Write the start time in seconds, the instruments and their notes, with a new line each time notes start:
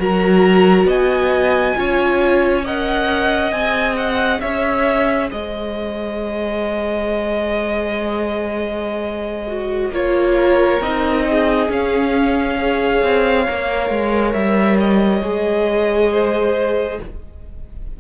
0.00 cello F#3, viola F#4, violin A#4 A#5
0.85 cello B3, violin D#5 G#5
1.76 cello C#4, viola F4, violin C#5
2.65 viola A#4, violin D#5 F#5
3.52 cello C4, viola G#4, violin G#5
3.97 violin F#5
4.41 cello C#4, violin C#5 E5
5.29 cello G#3, violin C5 D#5
9.48 viola F#4
9.90 cello A#3, viola F4, violin C#5
10.37 violin A#4
10.81 cello C4, viola D#4, violin D#5
11.30 violin G#4
11.69 viola C#4, cello C#4, violin F5
12.58 viola G#4, violin C#5
13.03 cello C4
13.47 cello A#3, viola A#4
13.90 cello G#3
14.33 cello G3, violin E5
14.80 violin D#5
15.22 cello G#3, viola G#4
16.12 violin C5